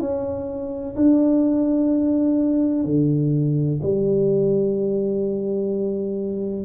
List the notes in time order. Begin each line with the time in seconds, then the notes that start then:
0.00 C#4
0.96 D4
2.84 D3
3.82 G3